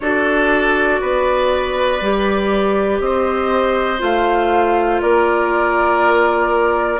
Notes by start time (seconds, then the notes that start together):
0.00 D4 F#4 A4 D5
1.00 B3 B4
2.01 G3 G4
3.00 C4 C5 D#5
3.98 A3 F4 F5
5.01 A#3 A#4 D5